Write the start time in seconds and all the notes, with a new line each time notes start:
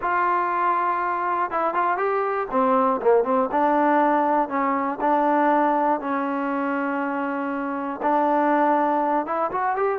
0.01 F4
1.50 E4
1.74 F4
1.97 G4
2.50 C4
3.01 A#3
3.24 C4
3.51 D4
4.49 C#4
5.00 D4
6.00 C#4
8.02 D4
9.25 E4
9.51 F#4
9.75 G4